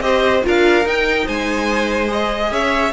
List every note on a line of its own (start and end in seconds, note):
0.00 0.42 C4
0.00 0.42 G4
0.00 0.45 C5
0.00 0.42 D#5
0.42 0.85 D4
0.42 0.83 F4
0.42 1.25 A#4
0.42 0.87 F5
0.85 2.07 D#4
0.85 1.27 D#4
0.85 1.27 G5
1.25 2.51 G#3
1.25 2.50 C5
1.25 2.11 G#5
2.07 2.91 G#4
2.07 2.53 D#5
2.51 2.93 C#4
2.51 2.93 C#5
2.51 2.93 E5